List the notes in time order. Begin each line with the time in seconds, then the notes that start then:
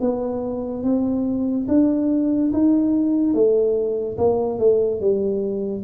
0.00 B3
0.83 C4
1.68 D4
2.52 D#4
3.33 A3
4.17 A#3
4.58 A3
5.00 G3